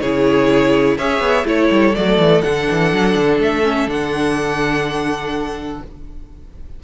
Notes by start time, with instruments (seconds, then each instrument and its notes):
0.00 cello C#3, viola E4, violin G#4 C#5
0.97 cello C#4, viola G#4, violin C#5 E5
1.19 cello B3
1.45 cello A3, viola E4, violin A4 C#5
1.70 cello G3
1.94 cello F#3, viola A3, violin D5
2.18 cello E3
2.41 cello D3, viola D4, violin F#5
2.71 cello E3
2.92 cello F#3
3.15 cello D3
3.39 cello A3, violin E5
3.63 viola C#4
3.87 cello D3, viola D4, violin F#5